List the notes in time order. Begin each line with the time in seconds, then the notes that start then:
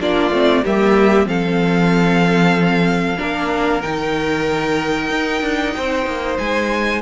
0.00 A#3 D4 F4 D5
0.31 A3 C4
0.64 G3 A#3 G4 E5
1.26 F3 C4 A4 F5
3.18 A#3 D4 A#4
3.82 D#3 D#4 G5
5.10 D#4
5.42 D4
5.76 C4 C5
6.07 A#3
6.39 G#3 G#5